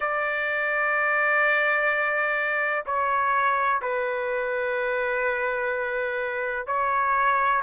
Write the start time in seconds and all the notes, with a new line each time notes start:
0.00 D5
2.86 C#5
3.81 B4
6.67 C#5